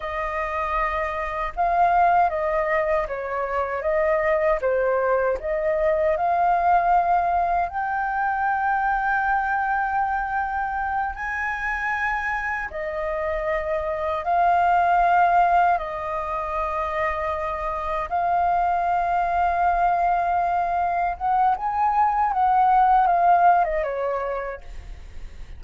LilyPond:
\new Staff \with { instrumentName = "flute" } { \time 4/4 \tempo 4 = 78 dis''2 f''4 dis''4 | cis''4 dis''4 c''4 dis''4 | f''2 g''2~ | g''2~ g''8 gis''4.~ |
gis''8 dis''2 f''4.~ | f''8 dis''2. f''8~ | f''2.~ f''8 fis''8 | gis''4 fis''4 f''8. dis''16 cis''4 | }